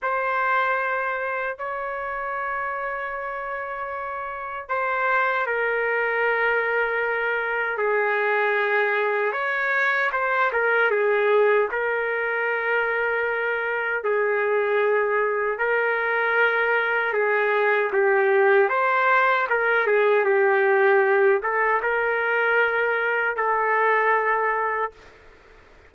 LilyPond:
\new Staff \with { instrumentName = "trumpet" } { \time 4/4 \tempo 4 = 77 c''2 cis''2~ | cis''2 c''4 ais'4~ | ais'2 gis'2 | cis''4 c''8 ais'8 gis'4 ais'4~ |
ais'2 gis'2 | ais'2 gis'4 g'4 | c''4 ais'8 gis'8 g'4. a'8 | ais'2 a'2 | }